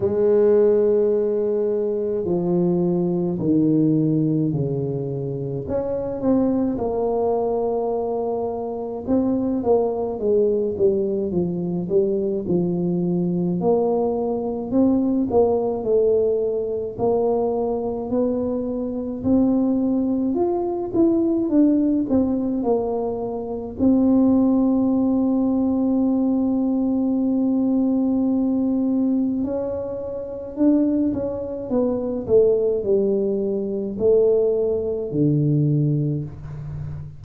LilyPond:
\new Staff \with { instrumentName = "tuba" } { \time 4/4 \tempo 4 = 53 gis2 f4 dis4 | cis4 cis'8 c'8 ais2 | c'8 ais8 gis8 g8 f8 g8 f4 | ais4 c'8 ais8 a4 ais4 |
b4 c'4 f'8 e'8 d'8 c'8 | ais4 c'2.~ | c'2 cis'4 d'8 cis'8 | b8 a8 g4 a4 d4 | }